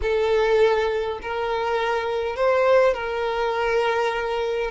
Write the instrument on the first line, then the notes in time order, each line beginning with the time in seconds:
violin
0.02 A4
1.21 A#4
2.36 C5
2.94 A#4